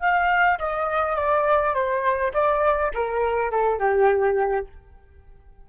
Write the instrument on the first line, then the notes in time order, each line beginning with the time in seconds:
flute
0.00 F5
0.59 D#5
1.16 D5
1.74 C5
2.34 D5
2.94 A#4
3.51 A4
3.79 G4